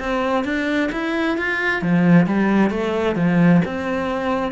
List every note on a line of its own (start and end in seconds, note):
0.00 0.45 C4
0.45 0.90 D4
0.93 1.38 E4
1.38 1.82 F4
1.82 2.27 F3
2.27 2.71 G3
2.71 3.16 A3
3.16 3.62 F3
3.66 4.52 C4